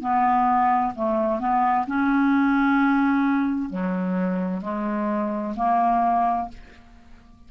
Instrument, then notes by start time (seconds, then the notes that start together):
clarinet
0.00 B3
0.95 A3
1.39 B3
1.86 C#4
3.69 F#3
4.61 G#3
5.56 A#3